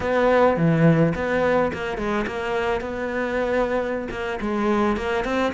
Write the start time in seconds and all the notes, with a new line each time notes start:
0.00 B3
0.56 E3
1.15 B3
1.73 A#3
1.97 G#3
2.26 A#3
2.80 B3
4.10 A#3
4.40 G#3
4.97 A#3
5.24 C4